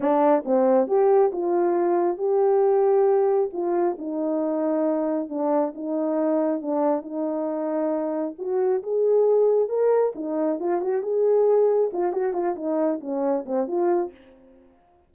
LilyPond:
\new Staff \with { instrumentName = "horn" } { \time 4/4 \tempo 4 = 136 d'4 c'4 g'4 f'4~ | f'4 g'2. | f'4 dis'2. | d'4 dis'2 d'4 |
dis'2. fis'4 | gis'2 ais'4 dis'4 | f'8 fis'8 gis'2 f'8 fis'8 | f'8 dis'4 cis'4 c'8 f'4 | }